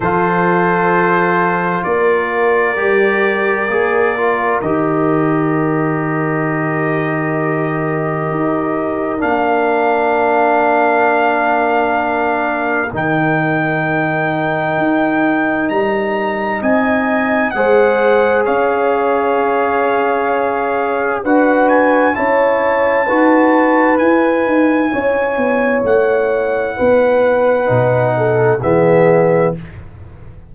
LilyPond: <<
  \new Staff \with { instrumentName = "trumpet" } { \time 4/4 \tempo 4 = 65 c''2 d''2~ | d''4 dis''2.~ | dis''2 f''2~ | f''2 g''2~ |
g''4 ais''4 gis''4 fis''4 | f''2. fis''8 gis''8 | a''2 gis''2 | fis''2. e''4 | }
  \new Staff \with { instrumentName = "horn" } { \time 4/4 a'2 ais'2~ | ais'1~ | ais'1~ | ais'1~ |
ais'2 dis''4 c''4 | cis''2. b'4 | cis''4 b'2 cis''4~ | cis''4 b'4. a'8 gis'4 | }
  \new Staff \with { instrumentName = "trombone" } { \time 4/4 f'2. g'4 | gis'8 f'8 g'2.~ | g'2 d'2~ | d'2 dis'2~ |
dis'2. gis'4~ | gis'2. fis'4 | e'4 fis'4 e'2~ | e'2 dis'4 b4 | }
  \new Staff \with { instrumentName = "tuba" } { \time 4/4 f2 ais4 g4 | ais4 dis2.~ | dis4 dis'4 ais2~ | ais2 dis2 |
dis'4 g4 c'4 gis4 | cis'2. d'4 | cis'4 dis'4 e'8 dis'8 cis'8 b8 | a4 b4 b,4 e4 | }
>>